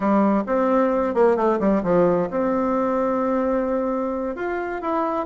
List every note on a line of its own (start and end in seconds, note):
0.00 0.43 G3
0.46 1.14 C4
1.14 1.36 A#3
1.36 1.59 A3
1.59 1.82 G3
1.83 2.28 F3
2.30 4.35 C4
4.35 4.81 F4
4.81 5.25 E4